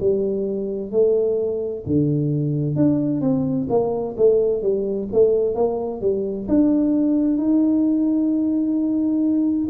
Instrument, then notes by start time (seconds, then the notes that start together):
tuba
0.00 G3
0.91 A3
1.86 D3
2.75 D4
3.21 C4
3.69 A#3
4.17 A3
4.62 G3
5.12 A3
5.55 A#3
6.01 G3
6.48 D4
7.37 D#4